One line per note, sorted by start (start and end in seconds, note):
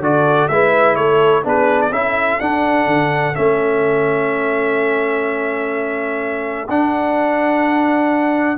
0.00 0.48 D3
0.00 0.51 F#4
0.00 0.51 A4
0.00 0.48 D5
0.48 0.97 G#3
0.48 1.44 E4
0.48 0.99 B4
0.48 0.96 E5
0.96 1.45 A3
0.96 1.45 A4
0.96 1.43 C#5
1.44 1.91 B3
1.44 1.91 D4
1.44 1.91 G#4
1.44 1.82 B4
1.82 1.92 D5
1.91 2.39 C#4
1.91 2.40 E4
1.91 8.58 A4
1.91 2.40 E5
2.40 2.87 D4
2.40 3.35 D4
2.40 3.35 F#5
2.87 3.34 D3
3.35 6.69 A3
3.35 6.68 C#4
3.35 6.69 E5
6.69 8.58 D4
6.69 8.58 F#5